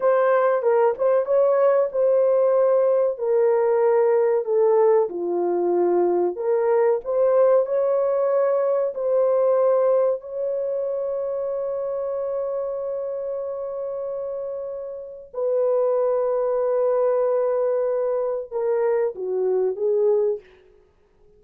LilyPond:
\new Staff \with { instrumentName = "horn" } { \time 4/4 \tempo 4 = 94 c''4 ais'8 c''8 cis''4 c''4~ | c''4 ais'2 a'4 | f'2 ais'4 c''4 | cis''2 c''2 |
cis''1~ | cis''1 | b'1~ | b'4 ais'4 fis'4 gis'4 | }